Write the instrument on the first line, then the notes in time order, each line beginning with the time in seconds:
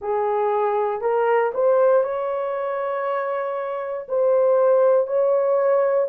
horn
0.00 G#4
1.01 A#4
1.53 C5
2.03 C#5
4.08 C5
5.07 C#5